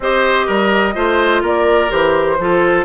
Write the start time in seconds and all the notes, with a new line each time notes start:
0.00 C4 G4 C5 D#5
0.46 G3 A#4
0.94 A3 F4 C5
1.41 A#3 A#4 D5
1.89 E3 G4 C5
2.39 F3 F4 A4